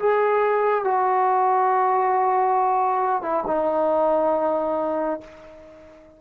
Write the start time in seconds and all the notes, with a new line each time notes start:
0.00 G#4
0.85 F#4
3.23 E4
3.47 D#4